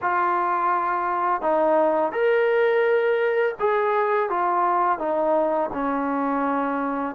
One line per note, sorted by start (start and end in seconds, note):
0.01 1.41 F4
1.41 2.12 D#4
2.12 3.55 A#4
3.59 4.29 G#4
4.29 4.98 F4
4.98 5.69 D#4
5.73 7.15 C#4